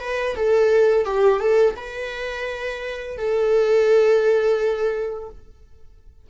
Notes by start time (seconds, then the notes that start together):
0.00 B4
0.35 A4
1.05 G4
1.40 A4
1.76 B4
3.17 A4